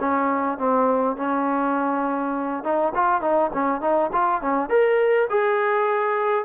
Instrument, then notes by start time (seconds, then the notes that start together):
trombone
0.00 C#4
0.58 C4
1.17 C#4
2.64 D#4
2.95 F4
3.21 D#4
3.54 C#4
3.81 D#4
4.13 F4
4.41 C#4
4.70 A#4
5.30 G#4